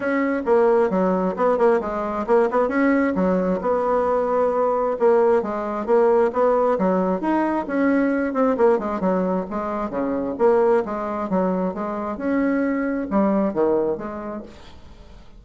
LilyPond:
\new Staff \with { instrumentName = "bassoon" } { \time 4/4 \tempo 4 = 133 cis'4 ais4 fis4 b8 ais8 | gis4 ais8 b8 cis'4 fis4 | b2. ais4 | gis4 ais4 b4 fis4 |
dis'4 cis'4. c'8 ais8 gis8 | fis4 gis4 cis4 ais4 | gis4 fis4 gis4 cis'4~ | cis'4 g4 dis4 gis4 | }